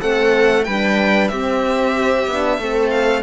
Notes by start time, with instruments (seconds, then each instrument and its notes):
0.00 cello A3, horn C4, viola A4, violin F#5
0.64 cello G3, horn D4, viola B4, violin G5
1.28 cello C4, horn C4, viola G4, violin E5
2.27 cello B3, horn D4
2.58 cello A3, horn C4, viola A4
2.90 violin F5